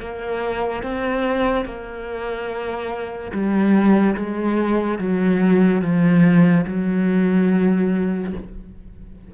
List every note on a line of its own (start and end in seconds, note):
0.00 0.83 A#3
0.83 1.65 C4
1.65 3.32 A#3
3.32 4.16 G3
4.16 4.99 G#3
4.99 5.82 F#3
5.82 6.65 F3
6.67 8.33 F#3